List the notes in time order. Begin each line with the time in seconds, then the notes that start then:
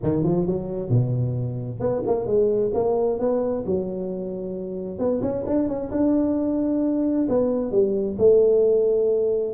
0.02 D#3
0.23 F3
0.46 F#3
0.89 B2
1.80 B3
2.06 A#3
2.26 G#3
2.74 A#3
3.19 B3
3.65 F#3
4.98 B3
5.21 C#4
5.46 D4
5.68 C#4
5.91 D4
7.28 B3
7.71 G3
8.18 A3